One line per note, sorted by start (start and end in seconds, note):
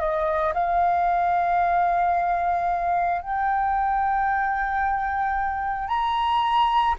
0.00 0.54 D#5
0.54 3.22 F5
3.22 5.88 G5
5.88 6.95 A#5